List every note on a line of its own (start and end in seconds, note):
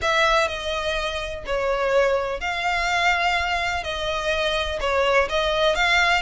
0.01 0.48 E5
0.48 1.44 D#5
1.46 2.40 C#5
2.40 3.83 F5
3.83 4.79 D#5
4.80 5.28 C#5
5.29 5.75 D#5
5.75 6.21 F5